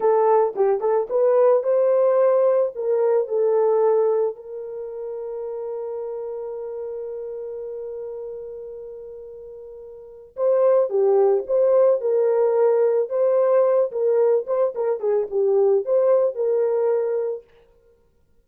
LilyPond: \new Staff \with { instrumentName = "horn" } { \time 4/4 \tempo 4 = 110 a'4 g'8 a'8 b'4 c''4~ | c''4 ais'4 a'2 | ais'1~ | ais'1~ |
ais'2. c''4 | g'4 c''4 ais'2 | c''4. ais'4 c''8 ais'8 gis'8 | g'4 c''4 ais'2 | }